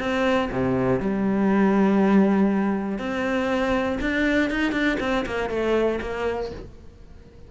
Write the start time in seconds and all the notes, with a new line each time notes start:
0.00 C4
0.52 C3
1.00 G3
2.99 C4
4.01 D4
4.51 D#4
4.72 D4
5.00 C4
5.26 A#3
5.50 A3
6.01 A#3